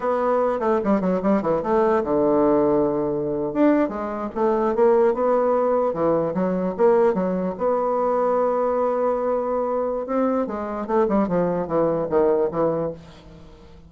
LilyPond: \new Staff \with { instrumentName = "bassoon" } { \time 4/4 \tempo 4 = 149 b4. a8 g8 fis8 g8 e8 | a4 d2.~ | d8. d'4 gis4 a4 ais16~ | ais8. b2 e4 fis16~ |
fis8. ais4 fis4 b4~ b16~ | b1~ | b4 c'4 gis4 a8 g8 | f4 e4 dis4 e4 | }